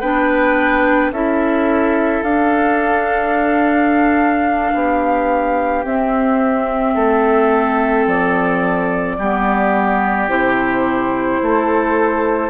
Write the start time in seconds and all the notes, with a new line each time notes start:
0.00 B3 D4 B4 G5
1.11 C#4 E4 A4 E5
2.22 D4 F5
4.73 B3 G4
5.84 C4 E5
6.94 A3 A4
8.06 F3 D5
9.18 G3 B3 G4
10.28 C3 E4 C5
11.42 A3 A4